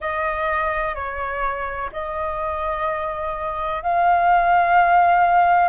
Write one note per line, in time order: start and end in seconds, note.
0.00 0.94 D#5
0.94 1.90 C#5
1.92 3.82 D#5
3.83 5.68 F5